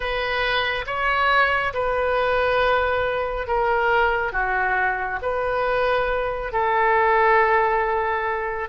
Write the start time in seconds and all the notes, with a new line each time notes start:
0.00 B4
0.86 C#5
1.73 B4
3.47 A#4
4.32 F#4
5.22 B4
6.52 A4